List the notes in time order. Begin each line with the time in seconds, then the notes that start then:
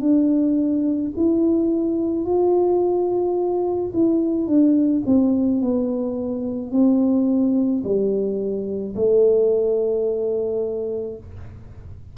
0.00 D4
1.16 E4
2.25 F4
3.93 E4
4.46 D4
5.06 C4
5.61 B3
6.71 C4
7.84 G3
8.95 A3